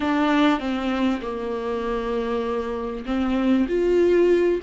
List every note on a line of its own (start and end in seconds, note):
0.00 0.59 D4
0.59 1.21 C4
1.21 3.05 A#3
3.05 3.67 C4
3.68 4.60 F4